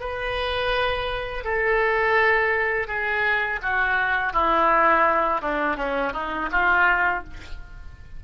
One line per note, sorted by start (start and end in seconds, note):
0.00 1.45 B4
1.45 2.88 A4
2.88 3.60 G#4
3.62 4.33 F#4
4.33 5.42 E4
5.42 5.77 D4
5.77 6.13 C#4
6.13 6.50 D#4
6.52 7.24 F4